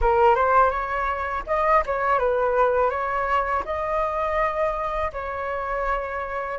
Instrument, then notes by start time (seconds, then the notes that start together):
flute
0.01 A#4
0.35 C5
0.70 C#5
1.46 D#5
1.86 C#5
2.19 B4
2.89 C#5
3.65 D#5
5.12 C#5